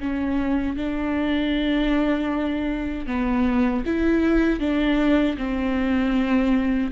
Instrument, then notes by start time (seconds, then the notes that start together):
viola
0.00 C#4
0.77 D4
3.07 B3
3.86 E4
4.60 D4
5.38 C4